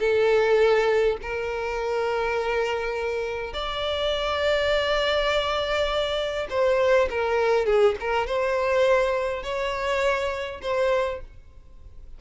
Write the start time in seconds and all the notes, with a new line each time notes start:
0.00 A4
1.22 A#4
3.53 D5
6.50 C5
7.10 A#4
7.66 G#4
8.01 A#4
8.27 C5
9.43 C#5
10.62 C5